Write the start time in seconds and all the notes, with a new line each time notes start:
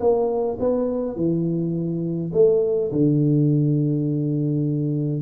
0.00 A#3
0.60 B3
1.16 E3
2.33 A3
2.92 D3